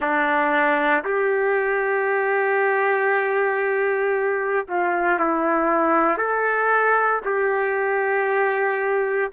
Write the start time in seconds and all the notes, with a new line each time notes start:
0.00 D4
1.04 G4
4.68 F4
5.19 E4
6.17 A4
7.25 G4